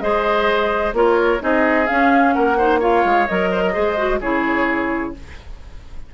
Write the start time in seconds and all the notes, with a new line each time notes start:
0.00 G#3 G#4 C5 D#5
0.93 A#3 F4 A#4 C#5
1.40 C4 D#4 G#4 D#5
1.87 C#4 F5
2.33 A#3 A#4 F#5
2.58 D#4 C5
2.79 F4 C#5 F5
3.05 G#3
3.27 F#3 A#4 D#5
3.51 C5
3.63 A#4
3.73 G#3 G#4 C5
3.97 F#4
4.20 C#3 E4 G#4 C#5